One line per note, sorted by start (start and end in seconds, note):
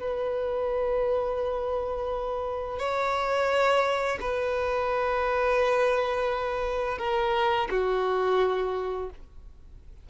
0.00 2.79 B4
2.79 4.19 C#5
4.21 6.99 B4
6.99 7.68 A#4
7.71 9.10 F#4